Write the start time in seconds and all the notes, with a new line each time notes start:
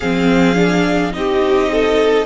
0.00 F3 C4 G#4 F5
0.54 D4
1.11 C4 D#4 D#5
1.17 G4
1.71 A4